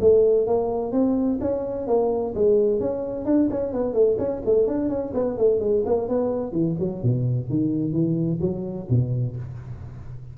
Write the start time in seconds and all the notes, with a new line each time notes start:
0.00 A3
0.47 A#3
0.92 C4
1.41 C#4
1.87 A#3
2.35 G#3
2.80 C#4
3.25 D4
3.50 C#4
3.72 B3
3.93 A3
4.18 C#4
4.45 A3
4.67 D4
4.89 C#4
5.14 B3
5.37 A3
5.60 G#3
5.86 A#3
6.08 B3
6.52 E3
6.79 F#3
7.03 B2
7.50 D#3
7.92 E3
8.41 F#3
8.89 B2